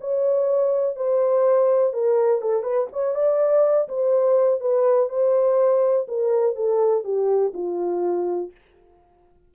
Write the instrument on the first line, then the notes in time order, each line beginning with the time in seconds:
horn
0.00 C#5
0.96 C5
1.93 A#4
2.41 A4
2.63 B4
2.92 C#5
3.14 D5
3.88 C5
4.60 B4
5.09 C5
6.08 A#4
6.55 A4
7.04 G4
7.53 F4